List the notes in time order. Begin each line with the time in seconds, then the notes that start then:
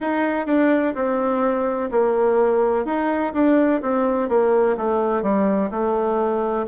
0.00 D#4
0.46 D4
0.94 C4
1.91 A#3
2.85 D#4
3.33 D4
3.81 C4
4.29 A#3
4.77 A3
5.22 G3
5.71 A3